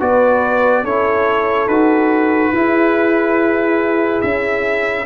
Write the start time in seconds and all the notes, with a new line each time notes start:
0.00 B3 F#4 B4 D5
0.83 C#4 E4 A4 C#5
1.67 D#4 F#4 B4
2.52 E4 G#4
4.21 C#4 E5